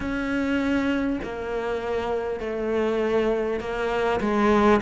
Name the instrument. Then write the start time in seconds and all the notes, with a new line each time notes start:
cello
0.00 C#4
1.23 A#3
2.39 A3
3.59 A#3
4.20 G#3